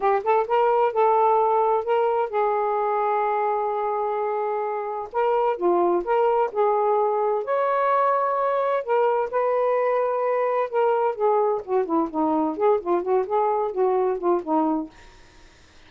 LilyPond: \new Staff \with { instrumentName = "saxophone" } { \time 4/4 \tempo 4 = 129 g'8 a'8 ais'4 a'2 | ais'4 gis'2.~ | gis'2. ais'4 | f'4 ais'4 gis'2 |
cis''2. ais'4 | b'2. ais'4 | gis'4 fis'8 e'8 dis'4 gis'8 f'8 | fis'8 gis'4 fis'4 f'8 dis'4 | }